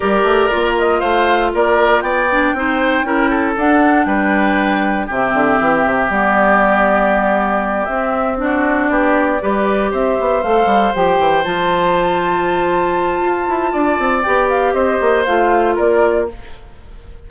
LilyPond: <<
  \new Staff \with { instrumentName = "flute" } { \time 4/4 \tempo 4 = 118 d''4. dis''8 f''4 d''4 | g''2. fis''4 | g''2 e''2 | d''2.~ d''8 e''8~ |
e''8 d''2. e''8~ | e''8 f''4 g''4 a''4.~ | a''1 | g''8 f''8 dis''4 f''4 d''4 | }
  \new Staff \with { instrumentName = "oboe" } { \time 4/4 ais'2 c''4 ais'4 | d''4 c''4 ais'8 a'4. | b'2 g'2~ | g'1~ |
g'8 fis'4 g'4 b'4 c''8~ | c''1~ | c''2. d''4~ | d''4 c''2 ais'4 | }
  \new Staff \with { instrumentName = "clarinet" } { \time 4/4 g'4 f'2.~ | f'8 d'8 dis'4 e'4 d'4~ | d'2 c'2 | b2.~ b8 c'8~ |
c'8 d'2 g'4.~ | g'8 a'4 g'4 f'4.~ | f'1 | g'2 f'2 | }
  \new Staff \with { instrumentName = "bassoon" } { \time 4/4 g8 a8 ais4 a4 ais4 | b4 c'4 cis'4 d'4 | g2 c8 d8 e8 c8 | g2.~ g8 c'8~ |
c'4. b4 g4 c'8 | b8 a8 g8 f8 e8 f4.~ | f2 f'8 e'8 d'8 c'8 | b4 c'8 ais8 a4 ais4 | }
>>